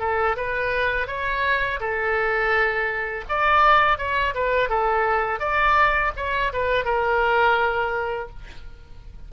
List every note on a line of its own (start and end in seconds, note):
0.00 0.36 A4
0.37 1.07 B4
1.07 1.80 C#5
1.80 3.25 A4
3.29 3.98 D5
3.98 4.34 C#5
4.35 4.70 B4
4.70 5.40 A4
5.40 6.12 D5
6.17 6.53 C#5
6.53 6.85 B4
6.85 8.30 A#4